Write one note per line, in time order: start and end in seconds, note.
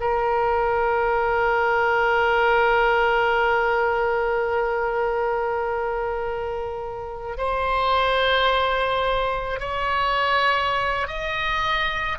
0.00 7.37 A#4
7.37 9.60 C5
9.60 11.07 C#5
11.07 12.18 D#5